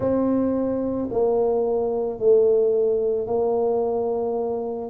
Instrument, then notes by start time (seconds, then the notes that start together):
tuba
0.00 C4
1.11 A#3
2.19 A3
3.27 A#3